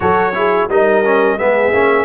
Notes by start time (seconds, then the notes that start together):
0.00 F#3 F#4 A4 C#5
0.34 E4 G#4
0.68 G3 D#4 A#4 D#5
1.03 C#4
1.38 G#3 B3 G#4 E5
1.73 A#3 C#4